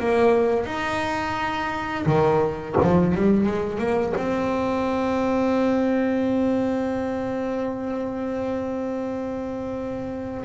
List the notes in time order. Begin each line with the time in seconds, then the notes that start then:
0.00 A#3
0.66 D#4
2.06 D#3
2.83 F3
3.16 G3
3.47 G#3
3.79 A#3
4.17 C4